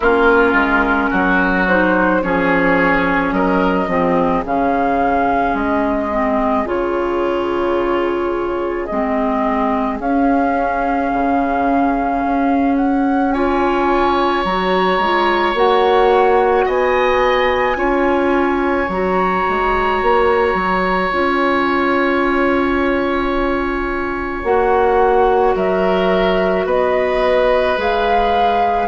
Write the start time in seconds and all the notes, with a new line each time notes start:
0.00 A#3 C#4 F4 A#4
0.53 G#3
1.09 F#3 F#4
1.67 D#4 C5
2.22 F3 C#4 G#4 C#5
3.31 F#3 A#4 D#5
3.87 F3 C4 G#4
4.45 C#3 C#4 F5
5.53 G#3 D#5
6.11 C4
6.65 C#3 F4 C#5
8.86 G#3 C4 D#5
9.99 C#4 F5
11.12 C#3
12.24 C#4
12.76 F#5
13.31 F4 C#5 G#5
14.44 F#3 F#4 A#5
14.98 G#3 F4
15.53 A#3 F#4 F#5
16.65 B3 D#5 G#5
17.75 C#4 F4 C#5
18.87 F#3 F#4 A#5
19.48 G#3
20.02 A#3
20.54 F#3
21.11 C#4 F4 G#5
24.43 A#3 F#4 F#5
25.55 F#3 A#4 E5
26.65 B3 B4 D#5
27.77 G#3 G#4 F5